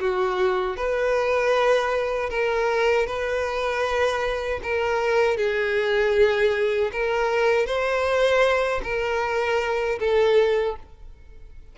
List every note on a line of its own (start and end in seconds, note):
0.00 0.77 F#4
0.77 2.30 B4
2.30 3.06 A#4
3.06 4.60 B4
4.63 5.37 A#4
5.37 6.91 G#4
6.92 7.66 A#4
7.66 8.81 C5
8.84 9.99 A#4
9.99 10.76 A4